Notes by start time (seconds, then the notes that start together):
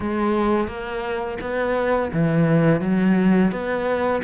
0.00 G#3
0.67 A#3
1.41 B3
2.12 E3
2.80 F#3
3.51 B3